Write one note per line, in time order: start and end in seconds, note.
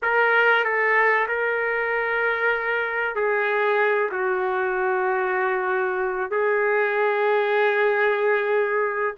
0.02 0.64 A#4
0.64 1.27 A4
1.28 3.15 A#4
3.15 4.10 G#4
4.11 6.30 F#4
6.30 9.14 G#4